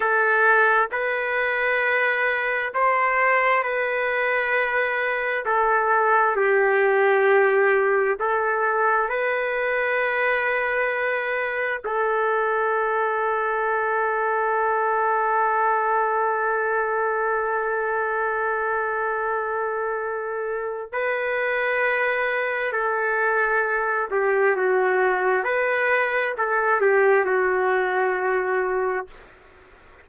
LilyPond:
\new Staff \with { instrumentName = "trumpet" } { \time 4/4 \tempo 4 = 66 a'4 b'2 c''4 | b'2 a'4 g'4~ | g'4 a'4 b'2~ | b'4 a'2.~ |
a'1~ | a'2. b'4~ | b'4 a'4. g'8 fis'4 | b'4 a'8 g'8 fis'2 | }